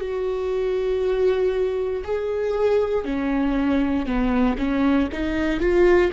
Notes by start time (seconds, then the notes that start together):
0.00 F#4
2.04 G#4
3.05 C#4
4.06 B3
4.58 C#4
5.12 D#4
5.60 F4